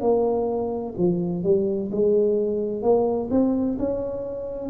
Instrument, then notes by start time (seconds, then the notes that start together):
tuba
0.00 A#3
0.97 F3
1.43 G3
1.91 G#3
2.82 A#3
3.30 C4
3.78 C#4